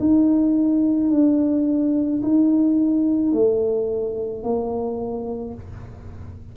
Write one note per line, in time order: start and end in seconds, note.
0.00 1.11 D#4
1.11 2.22 D4
2.22 3.32 D#4
3.32 4.43 A3
4.43 5.54 A#3